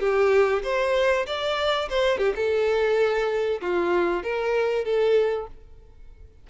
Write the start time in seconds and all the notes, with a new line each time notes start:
0.00 G4
0.64 C5
1.26 D5
1.89 C5
2.18 G4
2.36 A4
3.61 F4
4.24 A#4
4.85 A4